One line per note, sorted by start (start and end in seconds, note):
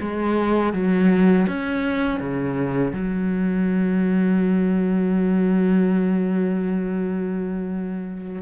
0.00 0.73 G#3
0.73 1.46 F#3
1.47 2.19 C#4
2.19 2.92 C#3
2.93 8.41 F#3